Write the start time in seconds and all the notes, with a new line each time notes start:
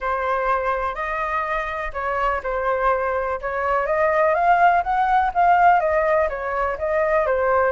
0.00 C5
0.94 D#5
1.93 C#5
2.43 C5
3.41 C#5
3.86 D#5
4.34 F5
4.83 F#5
5.34 F5
5.80 D#5
6.29 C#5
6.78 D#5
7.26 C5